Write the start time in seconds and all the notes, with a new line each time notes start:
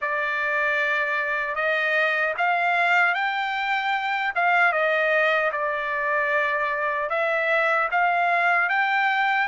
0.01 D5
1.55 D#5
2.37 F5
3.14 G5
4.35 F5
4.72 D#5
5.52 D5
7.09 E5
7.91 F5
8.69 G5